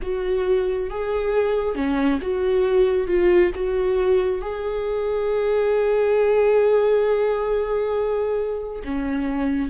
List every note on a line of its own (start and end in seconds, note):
0.02 0.89 F#4
0.89 1.75 G#4
1.75 2.19 C#4
2.21 3.07 F#4
3.07 3.51 F4
3.55 4.41 F#4
4.41 8.82 G#4
8.84 9.69 C#4